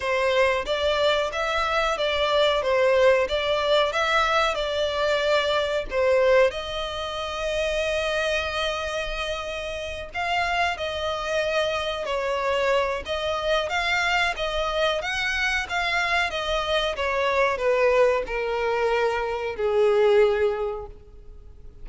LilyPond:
\new Staff \with { instrumentName = "violin" } { \time 4/4 \tempo 4 = 92 c''4 d''4 e''4 d''4 | c''4 d''4 e''4 d''4~ | d''4 c''4 dis''2~ | dis''2.~ dis''8 f''8~ |
f''8 dis''2 cis''4. | dis''4 f''4 dis''4 fis''4 | f''4 dis''4 cis''4 b'4 | ais'2 gis'2 | }